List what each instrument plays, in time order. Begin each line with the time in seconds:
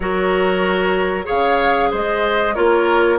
0.00 bassoon F#3, clarinet F#4, oboe A#4, flute C#5
1.24 bassoon C#3, clarinet G#4, oboe C#5, flute F5
1.90 bassoon G#3, oboe C5, flute D#5
2.54 bassoon A#3, clarinet F4, oboe A#4, flute C#5